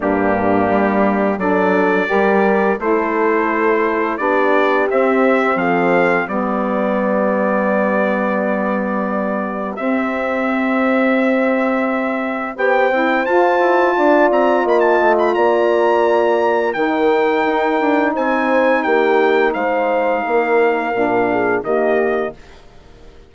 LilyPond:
<<
  \new Staff \with { instrumentName = "trumpet" } { \time 4/4 \tempo 4 = 86 g'2 d''2 | c''2 d''4 e''4 | f''4 d''2.~ | d''2 e''2~ |
e''2 g''4 a''4~ | a''8 ais''8 b''16 a''8 b''16 ais''2 | g''2 gis''4 g''4 | f''2. dis''4 | }
  \new Staff \with { instrumentName = "horn" } { \time 4/4 d'2 a'4 ais'4 | a'2 g'2 | a'4 g'2.~ | g'1~ |
g'2 c''2 | d''4 dis''4 d''2 | ais'2 c''4 g'4 | c''4 ais'4. gis'8 g'4 | }
  \new Staff \with { instrumentName = "saxophone" } { \time 4/4 ais2 d'4 g'4 | e'2 d'4 c'4~ | c'4 b2.~ | b2 c'2~ |
c'2 g'8 e'8 f'4~ | f'1 | dis'1~ | dis'2 d'4 ais4 | }
  \new Staff \with { instrumentName = "bassoon" } { \time 4/4 g,4 g4 fis4 g4 | a2 b4 c'4 | f4 g2.~ | g2 c'2~ |
c'2 b8 c'8 f'8 e'8 | d'8 c'8 ais8 a8 ais2 | dis4 dis'8 d'8 c'4 ais4 | gis4 ais4 ais,4 dis4 | }
>>